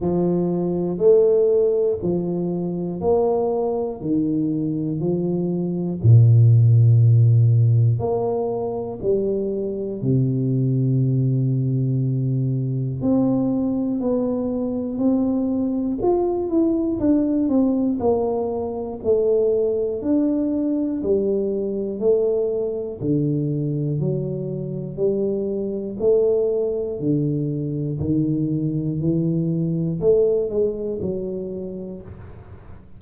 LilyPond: \new Staff \with { instrumentName = "tuba" } { \time 4/4 \tempo 4 = 60 f4 a4 f4 ais4 | dis4 f4 ais,2 | ais4 g4 c2~ | c4 c'4 b4 c'4 |
f'8 e'8 d'8 c'8 ais4 a4 | d'4 g4 a4 d4 | fis4 g4 a4 d4 | dis4 e4 a8 gis8 fis4 | }